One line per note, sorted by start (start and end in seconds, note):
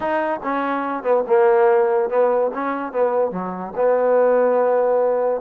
0.00 0.40 D#4
0.43 1.03 C#4
1.03 1.24 B3
1.27 2.09 A#3
2.09 2.51 B3
2.54 2.92 C#4
2.92 3.31 B3
3.31 3.73 F#3
3.76 5.41 B3